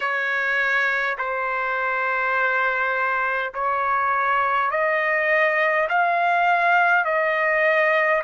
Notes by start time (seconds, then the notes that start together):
0.00 C#5
1.18 C5
3.53 C#5
4.71 D#5
5.89 F5
7.04 D#5